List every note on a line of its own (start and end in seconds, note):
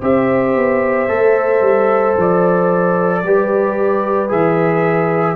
0.00 0.56 C4
0.00 1.08 G4
0.00 3.21 C5
0.00 2.18 E5
0.56 1.09 B3
1.08 1.61 A3
1.08 3.23 A4
1.61 2.15 G3
2.18 3.23 F3
2.18 4.32 D5
3.23 4.31 G3
3.23 4.29 G4
3.23 5.37 B4
4.29 5.37 E3
4.29 5.36 G#4
4.29 5.37 E5